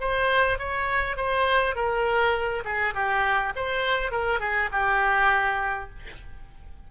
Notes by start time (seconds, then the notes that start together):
0.00 C5
0.59 C#5
1.17 C5
1.75 A#4
2.64 G#4
2.94 G4
3.56 C5
4.11 A#4
4.40 G#4
4.72 G4